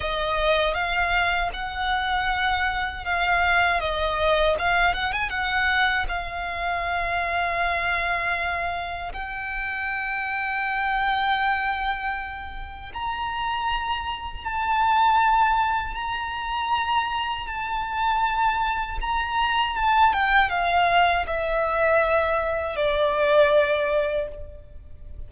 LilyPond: \new Staff \with { instrumentName = "violin" } { \time 4/4 \tempo 4 = 79 dis''4 f''4 fis''2 | f''4 dis''4 f''8 fis''16 gis''16 fis''4 | f''1 | g''1~ |
g''4 ais''2 a''4~ | a''4 ais''2 a''4~ | a''4 ais''4 a''8 g''8 f''4 | e''2 d''2 | }